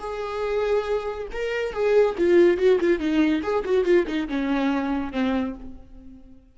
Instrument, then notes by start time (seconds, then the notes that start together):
viola
0.00 G#4
1.32 A#4
1.73 G#4
2.18 F4
2.58 F#4
2.81 F4
3.00 D#4
3.43 G#4
3.65 F#4
3.85 F4
4.07 D#4
4.29 C#4
5.13 C4